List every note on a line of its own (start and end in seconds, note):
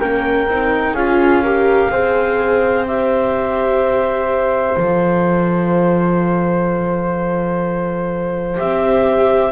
0.00 0.48 A#3
0.00 0.48 C#4
0.00 0.94 A#4
0.00 0.95 G5
0.48 0.93 C4
0.48 0.98 D#4
0.93 1.89 C#4
0.93 1.45 F4
0.93 1.42 G#4
0.93 2.86 F5
1.43 1.92 G4
1.43 1.90 A#4
1.91 4.76 C4
1.91 2.87 G#4
1.91 9.53 C5
2.88 4.77 G4
2.88 4.78 E5
4.77 8.58 F3
4.77 8.56 A4
4.77 8.59 F5
8.56 9.53 C4
8.56 9.52 G4
8.56 9.53 E5